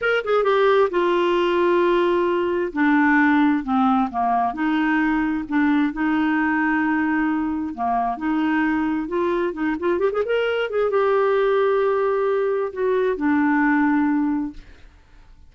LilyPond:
\new Staff \with { instrumentName = "clarinet" } { \time 4/4 \tempo 4 = 132 ais'8 gis'8 g'4 f'2~ | f'2 d'2 | c'4 ais4 dis'2 | d'4 dis'2.~ |
dis'4 ais4 dis'2 | f'4 dis'8 f'8 g'16 gis'16 ais'4 gis'8 | g'1 | fis'4 d'2. | }